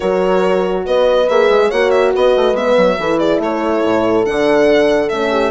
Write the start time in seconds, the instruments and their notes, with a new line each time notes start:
0.00 bassoon F#3, horn F#4 A#4, violin C#5
0.85 bassoon B3, horn B4, violin D#5
1.28 bassoon A#3, horn G#4, violin E5
1.49 bassoon G#3
1.68 bassoon A#3, horn F#4 C#5, violin F#5
1.90 violin E5
2.12 bassoon B3, horn B4, violin D#5
2.36 bassoon A3
2.53 bassoon G#3, horn B3, violin E5
2.77 bassoon F#3
2.98 bassoon E3, horn E4 A4
3.18 horn G#4, violin D5
3.38 bassoon A3, horn A4, violin C#5
3.83 bassoon A2
4.24 bassoon D3, horn D4, violin F#5
5.08 bassoon A3, horn C#4, violin E5
5.31 horn G4